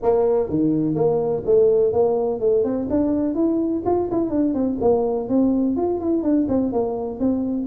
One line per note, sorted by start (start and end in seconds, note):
0.02 0.49 A#3
0.49 0.95 D#3
0.95 1.43 A#3
1.45 1.92 A3
1.92 2.40 A#3
2.40 2.64 A3
2.64 2.88 C4
2.90 3.34 D4
3.34 3.82 E4
3.85 4.09 F4
4.11 4.30 E4
4.30 4.54 D4
4.54 4.78 C4
4.80 5.28 A#3
5.28 5.76 C4
5.76 6.00 F4
6.00 6.22 E4
6.22 6.46 D4
6.48 6.72 C4
6.72 7.19 A#3
7.19 7.66 C4